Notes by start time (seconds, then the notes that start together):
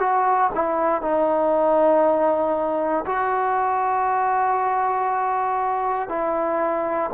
0.00 F#4
0.55 E4
1.02 D#4
3.06 F#4
6.09 E4